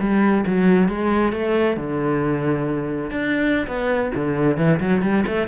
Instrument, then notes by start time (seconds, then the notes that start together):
cello
0.00 G3
0.47 F#3
0.89 G#3
1.32 A3
1.77 D3
3.11 D4
3.67 B3
4.15 D3
4.57 E3
4.80 F#3
5.02 G3
5.27 A3